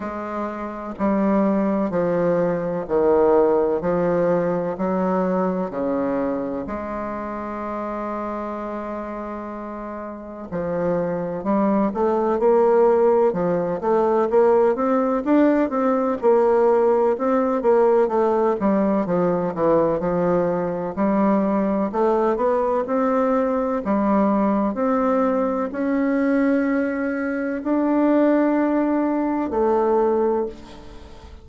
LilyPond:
\new Staff \with { instrumentName = "bassoon" } { \time 4/4 \tempo 4 = 63 gis4 g4 f4 dis4 | f4 fis4 cis4 gis4~ | gis2. f4 | g8 a8 ais4 f8 a8 ais8 c'8 |
d'8 c'8 ais4 c'8 ais8 a8 g8 | f8 e8 f4 g4 a8 b8 | c'4 g4 c'4 cis'4~ | cis'4 d'2 a4 | }